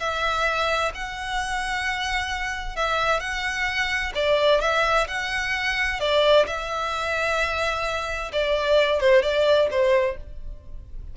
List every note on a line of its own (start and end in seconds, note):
0.00 0.92 E5
0.95 2.77 F#5
2.77 3.21 E5
3.21 4.13 F#5
4.15 4.61 D5
4.61 5.07 E5
5.08 6.00 F#5
6.00 6.47 D5
6.47 8.32 E5
8.33 9.01 D5
9.01 9.23 C5
9.23 9.69 D5
9.71 10.17 C5